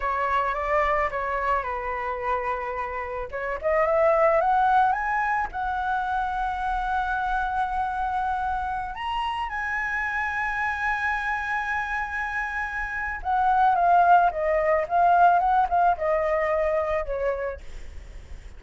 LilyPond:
\new Staff \with { instrumentName = "flute" } { \time 4/4 \tempo 4 = 109 cis''4 d''4 cis''4 b'4~ | b'2 cis''8 dis''8 e''4 | fis''4 gis''4 fis''2~ | fis''1~ |
fis''16 ais''4 gis''2~ gis''8.~ | gis''1 | fis''4 f''4 dis''4 f''4 | fis''8 f''8 dis''2 cis''4 | }